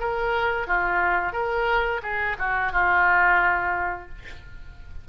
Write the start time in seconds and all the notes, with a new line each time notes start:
0.00 A#4
0.67 F4
1.33 A#4
2.03 G#4
2.39 F#4
2.73 F4